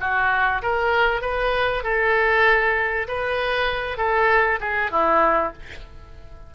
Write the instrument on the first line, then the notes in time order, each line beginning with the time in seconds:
oboe
0.00 F#4
0.62 A#4
1.21 B4
1.84 A4
3.08 B4
3.97 A4
4.60 G#4
4.91 E4